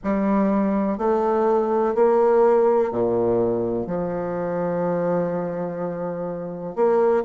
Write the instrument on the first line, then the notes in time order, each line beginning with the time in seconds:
bassoon
0.03 G3
0.98 A3
1.94 A#3
2.91 A#2
3.86 F3
6.75 A#3